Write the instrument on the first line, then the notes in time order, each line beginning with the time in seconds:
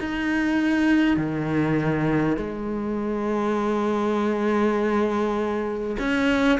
cello
0.00 D#4
1.17 D#3
2.37 G#3
5.99 C#4